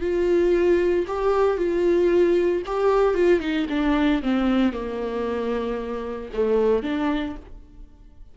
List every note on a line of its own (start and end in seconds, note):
0.00 1.05 F4
1.07 1.57 G4
1.57 2.62 F4
2.66 3.14 G4
3.14 3.40 F4
3.40 3.66 D#4
3.69 4.22 D4
4.22 4.73 C4
4.73 6.31 A#3
6.33 6.83 A3
6.83 7.35 D4